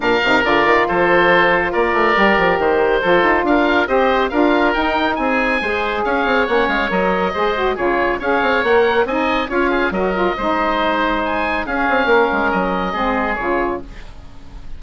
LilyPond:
<<
  \new Staff \with { instrumentName = "oboe" } { \time 4/4 \tempo 4 = 139 f''4 d''4 c''2 | d''2 c''2 | f''4 dis''4 f''4 g''4 | gis''2 f''4 fis''8 f''8 |
dis''2 cis''4 f''4 | fis''4 gis''4 f''4 dis''4~ | dis''2 gis''4 f''4~ | f''4 dis''2 cis''4 | }
  \new Staff \with { instrumentName = "oboe" } { \time 4/4 ais'2 a'2 | ais'2. a'4 | ais'4 c''4 ais'2 | gis'4 c''4 cis''2~ |
cis''4 c''4 gis'4 cis''4~ | cis''4 dis''4 cis''8 gis'8 ais'4 | c''2. gis'4 | ais'2 gis'2 | }
  \new Staff \with { instrumentName = "saxophone" } { \time 4/4 d'8 dis'8 f'2.~ | f'4 g'2 f'4~ | f'4 g'4 f'4 dis'4~ | dis'4 gis'2 cis'4 |
ais'4 gis'8 fis'8 f'4 gis'4 | ais'4 dis'4 f'4 fis'8 f'8 | dis'2. cis'4~ | cis'2 c'4 f'4 | }
  \new Staff \with { instrumentName = "bassoon" } { \time 4/4 ais,8 c8 d8 dis8 f2 | ais8 a8 g8 f8 dis4 f8 dis'8 | d'4 c'4 d'4 dis'4 | c'4 gis4 cis'8 c'8 ais8 gis8 |
fis4 gis4 cis4 cis'8 c'8 | ais4 c'4 cis'4 fis4 | gis2. cis'8 c'8 | ais8 gis8 fis4 gis4 cis4 | }
>>